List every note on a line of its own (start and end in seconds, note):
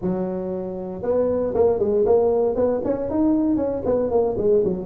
0.01 1.02 F#3
1.02 1.53 B3
1.54 1.79 A#3
1.79 2.04 G#3
2.05 2.55 A#3
2.55 2.81 B3
2.84 3.10 C#4
3.10 3.56 D#4
3.56 3.82 C#4
3.85 4.10 B3
4.10 4.36 A#3
4.37 4.63 G#3
4.64 4.86 F#3